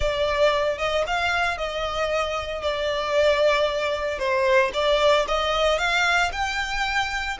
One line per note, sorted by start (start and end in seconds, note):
0.00 0.78 D5
0.78 1.04 D#5
1.06 1.57 F5
1.57 2.62 D#5
2.62 4.18 D5
4.18 4.71 C5
4.73 5.26 D5
5.28 5.78 D#5
5.78 6.31 F5
6.32 7.37 G5